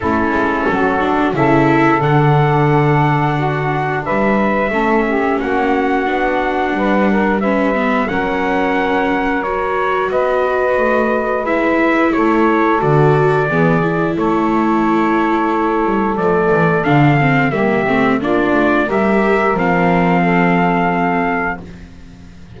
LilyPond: <<
  \new Staff \with { instrumentName = "trumpet" } { \time 4/4 \tempo 4 = 89 a'2 e''4 fis''4~ | fis''2 e''2 | fis''2. e''4 | fis''2 cis''4 dis''4~ |
dis''4 e''4 cis''4 d''4~ | d''4 cis''2. | d''4 f''4 e''4 d''4 | e''4 f''2. | }
  \new Staff \with { instrumentName = "saxophone" } { \time 4/4 e'4 fis'4 a'2~ | a'4 fis'4 b'4 a'8 g'8 | fis'2 b'8 ais'8 b'4 | ais'2. b'4~ |
b'2 a'2 | gis'4 a'2.~ | a'2 g'4 f'4 | ais'2 a'2 | }
  \new Staff \with { instrumentName = "viola" } { \time 4/4 cis'4. d'8 e'4 d'4~ | d'2. cis'4~ | cis'4 d'2 cis'8 b8 | cis'2 fis'2~ |
fis'4 e'2 fis'4 | b8 e'2.~ e'8 | a4 d'8 c'8 ais8 c'8 d'4 | g'4 c'2. | }
  \new Staff \with { instrumentName = "double bass" } { \time 4/4 a8 gis8 fis4 cis4 d4~ | d2 g4 a4 | ais4 b4 g2 | fis2. b4 |
a4 gis4 a4 d4 | e4 a2~ a8 g8 | f8 e8 d4 g8 a8 ais8 a8 | g4 f2. | }
>>